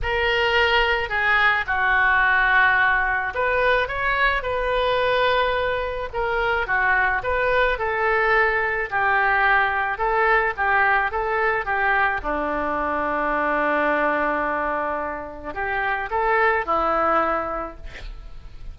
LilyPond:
\new Staff \with { instrumentName = "oboe" } { \time 4/4 \tempo 4 = 108 ais'2 gis'4 fis'4~ | fis'2 b'4 cis''4 | b'2. ais'4 | fis'4 b'4 a'2 |
g'2 a'4 g'4 | a'4 g'4 d'2~ | d'1 | g'4 a'4 e'2 | }